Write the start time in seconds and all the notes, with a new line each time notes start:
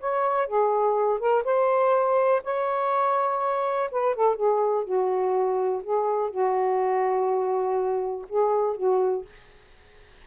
0.00 C#5
0.47 G#4
1.19 A#4
1.45 C5
2.44 C#5
3.91 B4
4.15 A4
4.36 G#4
4.84 F#4
5.83 G#4
6.30 F#4
8.29 G#4
8.76 F#4